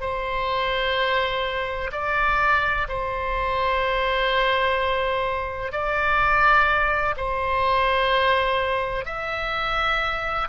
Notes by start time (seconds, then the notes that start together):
0.00 C5
1.92 D5
2.88 C5
5.71 D5
7.16 C5
9.05 E5